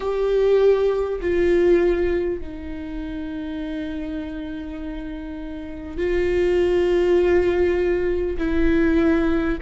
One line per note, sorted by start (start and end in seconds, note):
0.00 1.20 G4
1.20 2.40 F4
2.40 5.97 D#4
5.97 8.37 F4
8.38 9.58 E4